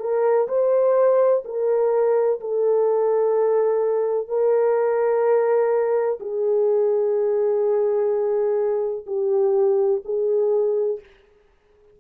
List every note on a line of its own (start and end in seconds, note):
0.00 0.48 A#4
0.48 1.43 C5
1.45 2.40 A#4
2.40 4.28 A4
4.28 6.19 A#4
6.20 9.06 G#4
9.06 10.02 G4
10.05 11.00 G#4